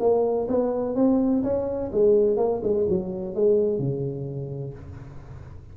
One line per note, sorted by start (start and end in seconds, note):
0.00 0.48 A#3
0.48 0.95 B3
0.95 1.43 C4
1.43 1.91 C#4
1.92 2.37 G#3
2.37 2.61 A#3
2.63 2.87 G#3
2.89 3.35 F#3
3.35 3.79 G#3
3.79 4.74 C#3